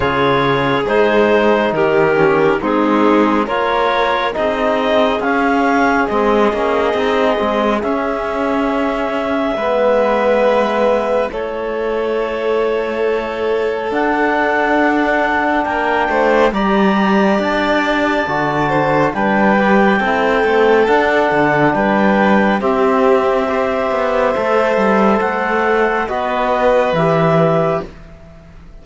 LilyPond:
<<
  \new Staff \with { instrumentName = "clarinet" } { \time 4/4 \tempo 4 = 69 cis''4 c''4 ais'4 gis'4 | cis''4 dis''4 f''4 dis''4~ | dis''4 e''2.~ | e''4 cis''2. |
fis''2 g''4 ais''4 | a''2 g''2 | fis''4 g''4 e''2~ | e''4 fis''4 dis''4 e''4 | }
  \new Staff \with { instrumentName = "violin" } { \time 4/4 gis'2 g'4 dis'4 | ais'4 gis'2.~ | gis'2. b'4~ | b'4 a'2.~ |
a'2 ais'8 c''8 d''4~ | d''4. c''8 b'4 a'4~ | a'4 b'4 g'4 c''4~ | c''2 b'2 | }
  \new Staff \with { instrumentName = "trombone" } { \time 4/4 f'4 dis'4. cis'8 c'4 | f'4 dis'4 cis'4 c'8 cis'8 | dis'8 c'8 cis'2 b4~ | b4 e'2. |
d'2. g'4~ | g'4 fis'4 d'8 g'8 e'8 c'8 | d'2 c'4 g'4 | a'2 fis'4 g'4 | }
  \new Staff \with { instrumentName = "cello" } { \time 4/4 cis4 gis4 dis4 gis4 | ais4 c'4 cis'4 gis8 ais8 | c'8 gis8 cis'2 gis4~ | gis4 a2. |
d'2 ais8 a8 g4 | d'4 d4 g4 c'8 a8 | d'8 d8 g4 c'4. b8 | a8 g8 a4 b4 e4 | }
>>